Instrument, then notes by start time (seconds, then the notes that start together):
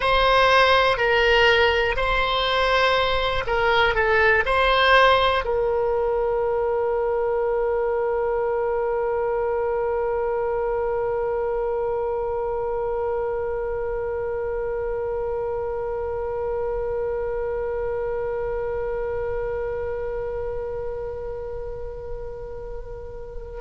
oboe
0.00 C5
0.97 A#4
1.96 C5
3.46 A#4
3.94 A4
4.45 C5
5.44 A#4